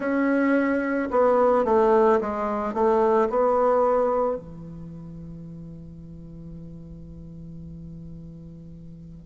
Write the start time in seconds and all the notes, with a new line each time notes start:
0.00 C#4
1.10 B3
1.65 A3
2.20 G#3
2.73 A3
3.29 B3
4.36 E3